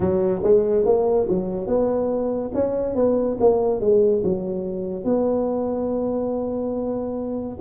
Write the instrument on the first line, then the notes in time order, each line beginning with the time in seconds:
tuba
0.00 F#3
0.43 G#3
0.85 A#3
1.28 F#3
1.66 B3
2.54 C#4
2.95 B3
3.40 A#3
3.80 G#3
4.23 F#3
5.04 B3